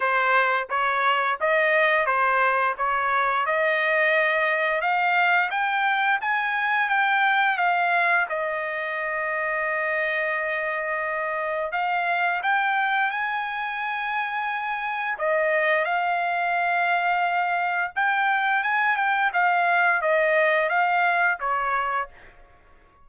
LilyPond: \new Staff \with { instrumentName = "trumpet" } { \time 4/4 \tempo 4 = 87 c''4 cis''4 dis''4 c''4 | cis''4 dis''2 f''4 | g''4 gis''4 g''4 f''4 | dis''1~ |
dis''4 f''4 g''4 gis''4~ | gis''2 dis''4 f''4~ | f''2 g''4 gis''8 g''8 | f''4 dis''4 f''4 cis''4 | }